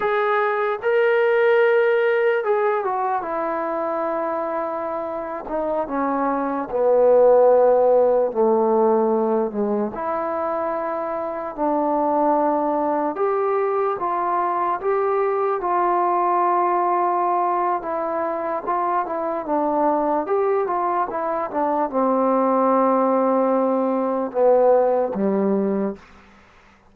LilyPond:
\new Staff \with { instrumentName = "trombone" } { \time 4/4 \tempo 4 = 74 gis'4 ais'2 gis'8 fis'8 | e'2~ e'8. dis'8 cis'8.~ | cis'16 b2 a4. gis16~ | gis16 e'2 d'4.~ d'16~ |
d'16 g'4 f'4 g'4 f'8.~ | f'2 e'4 f'8 e'8 | d'4 g'8 f'8 e'8 d'8 c'4~ | c'2 b4 g4 | }